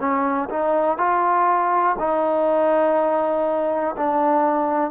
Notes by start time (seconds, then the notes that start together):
0.00 C#4
0.50 D#4
0.98 F4
1.99 D#4
3.97 D4